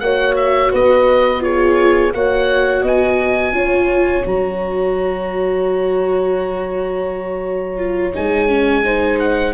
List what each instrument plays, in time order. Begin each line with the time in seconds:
0.00 tuba A#3, viola F#4, horn C#5, oboe F#5
0.37 oboe E5
0.72 tuba B3, horn B4, oboe D#5
1.40 viola F4, horn G#4, oboe C#5
2.14 tuba A#3, viola F#4, horn C#5, oboe F#5
2.82 tuba B3, horn D#5, oboe G#5
3.52 tuba C#4, viola F4, horn C#5
4.25 tuba F#3, viola F#4, oboe A#5
7.78 viola F4
8.14 tuba G#3, viola D#4, oboe G#5
8.49 viola C#4
8.85 viola D#4, horn C5
9.20 oboe F#5